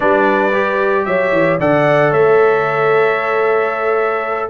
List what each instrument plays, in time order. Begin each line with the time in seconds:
0.00 tuba G3, trombone D4, horn B4, trumpet D5
0.53 trombone G4
1.05 tuba F#3, horn C#5, trumpet E5
1.32 tuba E3
1.59 tuba D3, trombone A4, horn D5, trumpet F#5
2.10 tuba A3, horn C#5, trumpet E5